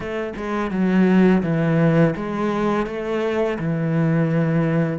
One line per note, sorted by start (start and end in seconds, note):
0.00 0.33 A3
0.36 0.70 G#3
0.70 1.42 F#3
1.43 2.14 E3
2.16 2.86 G#3
2.86 3.57 A3
3.58 4.98 E3